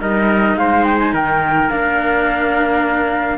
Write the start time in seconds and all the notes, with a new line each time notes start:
0.00 G3 D#4 A#4 D#5
0.56 G#3 C5 F5
0.84 G5
0.99 G#5
1.13 D#3 A#4 G5
1.69 A#3 D4 F5